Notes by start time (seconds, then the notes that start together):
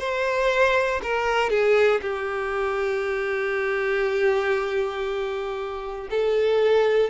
0.00 C5
1.03 A#4
1.50 G#4
2.02 G4
6.11 A4